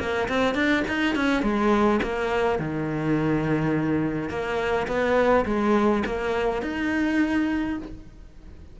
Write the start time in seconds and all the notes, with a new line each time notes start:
0.00 A#3
0.29 C4
0.55 D4
0.88 D#4
1.16 C#4
1.43 G#3
2.03 A#3
2.60 D#3
4.30 A#3
4.88 B3
5.46 G#3
6.06 A#3
6.63 D#4